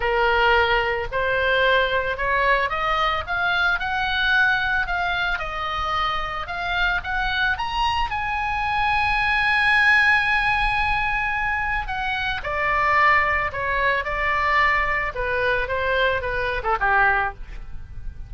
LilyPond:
\new Staff \with { instrumentName = "oboe" } { \time 4/4 \tempo 4 = 111 ais'2 c''2 | cis''4 dis''4 f''4 fis''4~ | fis''4 f''4 dis''2 | f''4 fis''4 ais''4 gis''4~ |
gis''1~ | gis''2 fis''4 d''4~ | d''4 cis''4 d''2 | b'4 c''4 b'8. a'16 g'4 | }